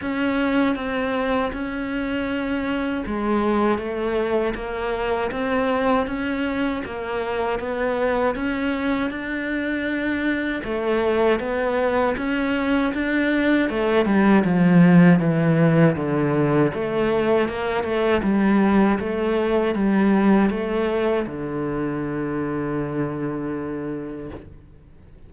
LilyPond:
\new Staff \with { instrumentName = "cello" } { \time 4/4 \tempo 4 = 79 cis'4 c'4 cis'2 | gis4 a4 ais4 c'4 | cis'4 ais4 b4 cis'4 | d'2 a4 b4 |
cis'4 d'4 a8 g8 f4 | e4 d4 a4 ais8 a8 | g4 a4 g4 a4 | d1 | }